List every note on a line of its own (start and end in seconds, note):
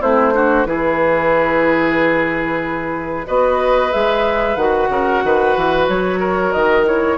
0.00 0.65 A3
0.00 0.33 C4
0.00 0.33 E4
0.00 0.66 C5
0.33 0.65 D4
0.33 0.67 F#4
0.65 3.26 E3
0.65 3.26 E4
0.65 3.26 G#4
0.65 3.27 B4
3.26 3.93 B3
3.26 3.91 F#4
3.26 4.89 B4
3.26 3.92 D#5
3.91 4.56 G#3
3.91 4.56 G#4
3.91 4.56 E5
4.56 4.88 D#3
4.56 6.85 F#4
4.56 5.86 F#5
4.89 5.21 C#3
4.89 5.23 A#4
5.24 5.56 D#3
5.24 6.19 B4
5.56 5.88 E3
5.87 6.53 F#3
5.87 6.51 C#5
6.19 7.17 A#4
6.51 7.17 D#3
6.51 6.84 D#5
6.85 7.17 E4
6.85 7.17 C#5